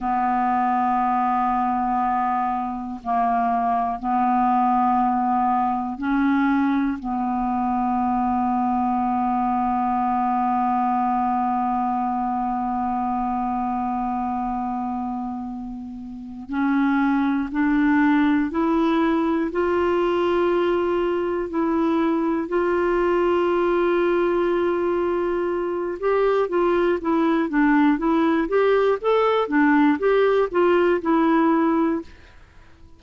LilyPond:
\new Staff \with { instrumentName = "clarinet" } { \time 4/4 \tempo 4 = 60 b2. ais4 | b2 cis'4 b4~ | b1~ | b1~ |
b8 cis'4 d'4 e'4 f'8~ | f'4. e'4 f'4.~ | f'2 g'8 f'8 e'8 d'8 | e'8 g'8 a'8 d'8 g'8 f'8 e'4 | }